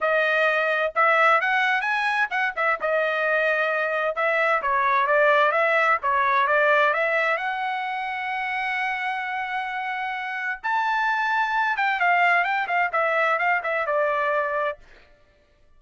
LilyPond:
\new Staff \with { instrumentName = "trumpet" } { \time 4/4 \tempo 4 = 130 dis''2 e''4 fis''4 | gis''4 fis''8 e''8 dis''2~ | dis''4 e''4 cis''4 d''4 | e''4 cis''4 d''4 e''4 |
fis''1~ | fis''2. a''4~ | a''4. g''8 f''4 g''8 f''8 | e''4 f''8 e''8 d''2 | }